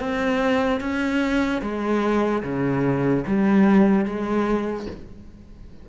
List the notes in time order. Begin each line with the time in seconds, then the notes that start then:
0.00 C4
0.81 C#4
1.62 G#3
2.43 C#3
3.27 G3
4.05 G#3